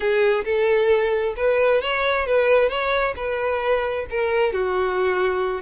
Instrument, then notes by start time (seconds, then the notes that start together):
violin
0.00 G#4
0.44 A4
1.36 B4
1.81 C#5
2.26 B4
2.69 C#5
3.16 B4
4.10 A#4
4.52 F#4